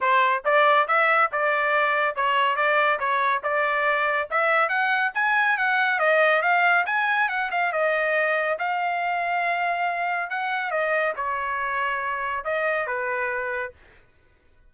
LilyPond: \new Staff \with { instrumentName = "trumpet" } { \time 4/4 \tempo 4 = 140 c''4 d''4 e''4 d''4~ | d''4 cis''4 d''4 cis''4 | d''2 e''4 fis''4 | gis''4 fis''4 dis''4 f''4 |
gis''4 fis''8 f''8 dis''2 | f''1 | fis''4 dis''4 cis''2~ | cis''4 dis''4 b'2 | }